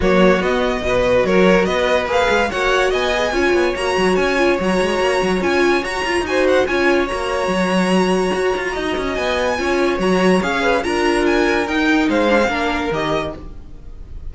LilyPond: <<
  \new Staff \with { instrumentName = "violin" } { \time 4/4 \tempo 4 = 144 cis''4 dis''2 cis''4 | dis''4 f''4 fis''4 gis''4~ | gis''4 ais''4 gis''4 ais''4~ | ais''4 gis''4 ais''4 gis''8 fis''8 |
gis''4 ais''2.~ | ais''2 gis''2 | ais''4 f''4 ais''4 gis''4 | g''4 f''2 dis''4 | }
  \new Staff \with { instrumentName = "violin" } { \time 4/4 fis'2 b'4 ais'4 | b'2 cis''4 dis''4 | cis''1~ | cis''2. c''4 |
cis''1~ | cis''4 dis''2 cis''4~ | cis''4. b'8 ais'2~ | ais'4 c''4 ais'2 | }
  \new Staff \with { instrumentName = "viola" } { \time 4/4 ais4 b4 fis'2~ | fis'4 gis'4 fis'4. gis'8 | f'4 fis'4. f'8 fis'4~ | fis'4 f'4 fis'8 f'8 fis'4 |
f'4 fis'2.~ | fis'2. f'4 | fis'4 gis'4 f'2 | dis'4. d'16 c'16 d'4 g'4 | }
  \new Staff \with { instrumentName = "cello" } { \time 4/4 fis4 b4 b,4 fis4 | b4 ais8 gis8 ais4 b4 | cis'8 b8 ais8 fis8 cis'4 fis8 gis8 | ais8 fis8 cis'4 fis'8 f'8 dis'4 |
cis'4 ais4 fis2 | fis'8 f'8 dis'8 cis'8 b4 cis'4 | fis4 cis'4 d'2 | dis'4 gis4 ais4 dis4 | }
>>